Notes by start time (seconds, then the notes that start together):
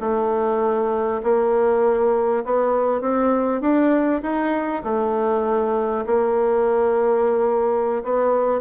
0.00 A3
1.23 A#3
2.44 B3
3.01 C4
3.61 D4
4.22 D#4
4.83 A3
6.06 A#3
8.03 B3